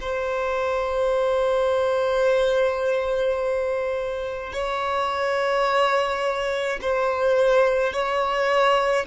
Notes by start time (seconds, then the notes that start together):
0.00 C5
4.52 C#5
6.81 C5
7.93 C#5